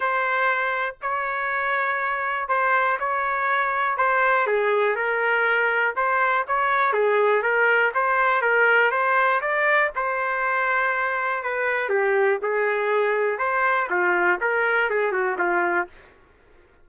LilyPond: \new Staff \with { instrumentName = "trumpet" } { \time 4/4 \tempo 4 = 121 c''2 cis''2~ | cis''4 c''4 cis''2 | c''4 gis'4 ais'2 | c''4 cis''4 gis'4 ais'4 |
c''4 ais'4 c''4 d''4 | c''2. b'4 | g'4 gis'2 c''4 | f'4 ais'4 gis'8 fis'8 f'4 | }